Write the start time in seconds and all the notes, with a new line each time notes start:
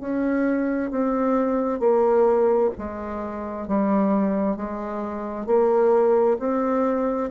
0.00 C#4
0.91 C4
1.79 A#3
2.78 G#3
3.68 G3
4.56 G#3
5.46 A#3
6.39 C4